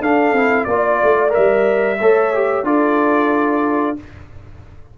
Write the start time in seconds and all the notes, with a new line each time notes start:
0.00 D4 A4 F5
0.32 C4 E4
0.64 A#3 F4 D5
1.03 A3
1.29 A#4 E5
1.37 G3
2.00 A3 A4 C#5
2.34 G4
2.63 D4 F4 A4 D5